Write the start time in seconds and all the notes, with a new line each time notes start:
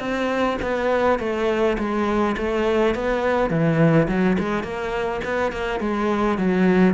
0.00 C4
0.62 B3
1.20 A3
1.79 G#3
2.38 A3
2.95 B3
3.50 E3
4.08 F#3
4.39 G#3
4.63 A#3
5.24 B3
5.52 A#3
5.80 G#3
6.38 F#3